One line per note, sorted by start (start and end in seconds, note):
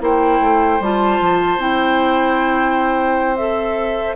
0.00 0.40 A#3
0.00 0.79 E4
0.00 4.16 C5
0.00 0.82 G5
0.40 0.79 A3
0.79 1.19 G3
0.79 1.58 F4
0.79 1.60 A5
1.20 1.57 F3
1.57 4.14 C4
1.57 3.36 E4
1.57 3.36 G5
3.36 4.16 A4
3.36 4.15 E5